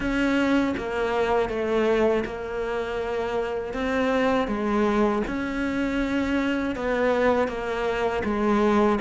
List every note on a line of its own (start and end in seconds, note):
0.00 0.75 C#4
0.77 1.49 A#3
1.49 2.24 A3
2.25 3.73 A#3
3.73 4.47 C4
4.47 5.22 G#3
5.27 6.75 C#4
6.75 7.48 B3
7.48 8.23 A#3
8.23 8.98 G#3